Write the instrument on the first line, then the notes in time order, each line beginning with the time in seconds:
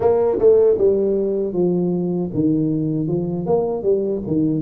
tuba
0.00 A#3
0.38 A3
0.78 G3
1.53 F3
2.34 D#3
3.07 F3
3.45 A#3
3.83 G3
4.27 D#3